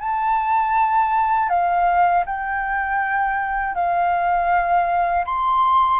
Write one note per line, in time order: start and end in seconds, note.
0.00 1.49 A5
1.49 2.24 F5
2.25 3.75 G5
3.75 5.25 F5
5.25 6.00 C6